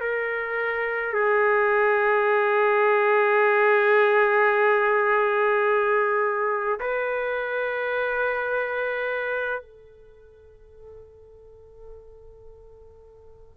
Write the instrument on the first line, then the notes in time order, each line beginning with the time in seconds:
trumpet
0.00 A#4
1.13 G#4
6.79 B4
9.61 A4